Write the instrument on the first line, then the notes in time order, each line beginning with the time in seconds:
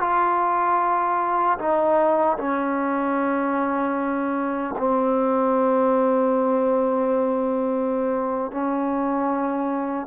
trombone
0.00 F4
1.58 D#4
2.38 C#4
4.78 C4
8.51 C#4